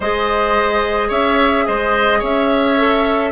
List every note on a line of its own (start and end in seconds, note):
0.00 1.10 G#3
0.00 2.78 G#4
0.00 1.08 C5
0.00 1.11 D#5
1.08 1.66 C#4
1.08 1.64 C#5
1.08 1.66 E5
1.66 2.22 G#3
1.66 2.19 C5
1.66 2.22 D#5
2.19 3.32 C#4
2.19 3.30 C#5
2.19 3.32 E5
2.78 3.32 A4